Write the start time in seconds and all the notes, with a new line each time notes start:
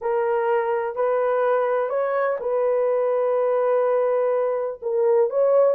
0.01 A#4
0.95 B4
1.89 C#5
2.40 B4
4.82 A#4
5.30 C#5